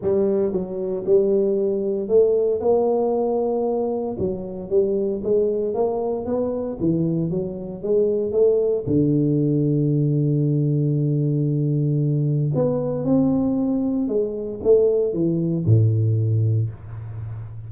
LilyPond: \new Staff \with { instrumentName = "tuba" } { \time 4/4 \tempo 4 = 115 g4 fis4 g2 | a4 ais2. | fis4 g4 gis4 ais4 | b4 e4 fis4 gis4 |
a4 d2.~ | d1 | b4 c'2 gis4 | a4 e4 a,2 | }